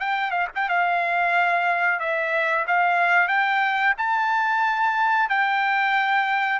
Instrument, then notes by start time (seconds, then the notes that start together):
trumpet
0.00 G5
0.31 F5
0.55 G5
0.69 F5
2.00 E5
2.67 F5
3.28 G5
3.97 A5
5.29 G5